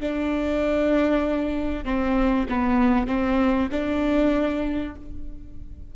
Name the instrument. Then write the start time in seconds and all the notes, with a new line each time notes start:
viola
0.00 D4
1.85 C4
2.49 B3
3.08 C4
3.72 D4